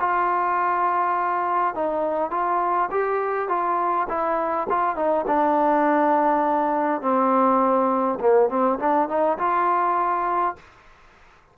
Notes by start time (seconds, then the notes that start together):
0.00 F4
1.75 D#4
2.31 F4
2.91 G4
3.49 F4
4.09 E4
4.70 F4
4.96 D#4
5.27 D4
7.01 C4
8.20 A#3
8.49 C4
8.79 D4
9.09 D#4
9.38 F4